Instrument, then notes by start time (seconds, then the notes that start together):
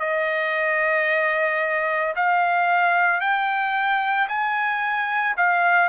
trumpet
0.00 D#5
2.16 F5
3.21 G5
4.29 G#5
5.37 F5